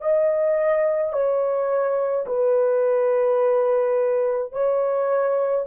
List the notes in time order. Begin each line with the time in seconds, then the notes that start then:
0.00 D#5
1.12 C#5
2.26 B4
4.52 C#5